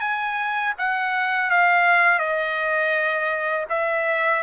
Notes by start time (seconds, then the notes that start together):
0.00 G#5
0.78 F#5
1.50 F5
2.19 D#5
3.69 E5